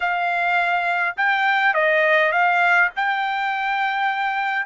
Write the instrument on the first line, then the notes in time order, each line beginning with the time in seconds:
trumpet
0.00 F5
1.17 G5
1.73 D#5
2.31 F5
2.95 G5